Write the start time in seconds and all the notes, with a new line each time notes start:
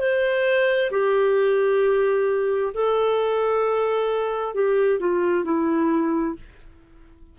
0.00 C5
0.91 G4
2.74 A4
4.55 G4
5.00 F4
5.44 E4